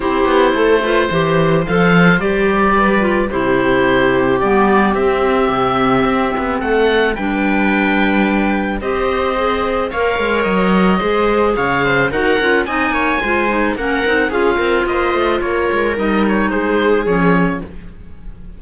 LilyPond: <<
  \new Staff \with { instrumentName = "oboe" } { \time 4/4 \tempo 4 = 109 c''2. f''4 | d''2 c''2 | d''4 e''2. | fis''4 g''2. |
dis''2 f''4 dis''4~ | dis''4 f''4 fis''4 gis''4~ | gis''4 fis''4 f''4 dis''4 | cis''4 dis''8 cis''8 c''4 cis''4 | }
  \new Staff \with { instrumentName = "viola" } { \time 4/4 g'4 a'8 b'8 c''2~ | c''4 b'4 g'2~ | g'1 | a'4 b'2. |
c''2 cis''2 | c''4 cis''8 c''8 ais'4 dis''8 cis''8 | c''4 ais'4 gis'8 ais'8 c''4 | ais'2 gis'2 | }
  \new Staff \with { instrumentName = "clarinet" } { \time 4/4 e'4. f'8 g'4 a'4 | g'4. f'8 e'2 | b4 c'2.~ | c'4 d'2. |
g'4 gis'4 ais'2 | gis'2 fis'8 f'8 dis'4 | f'8 dis'8 cis'8 dis'8 f'2~ | f'4 dis'2 cis'4 | }
  \new Staff \with { instrumentName = "cello" } { \time 4/4 c'8 b8 a4 e4 f4 | g2 c2 | g4 c'4 c4 c'8 b8 | a4 g2. |
c'2 ais8 gis8 fis4 | gis4 cis4 dis'8 cis'8 c'8 ais8 | gis4 ais8 c'8 cis'8 c'8 ais8 a8 | ais8 gis8 g4 gis4 f4 | }
>>